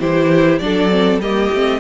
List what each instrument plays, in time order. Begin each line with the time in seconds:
0.00 cello E3, viola E4, violin G4 C5
0.59 cello F#3, viola D4, violin A4 D5
0.90 viola C4
1.19 cello G3, viola A#3, violin G4 D#5
1.54 cello A3, viola C4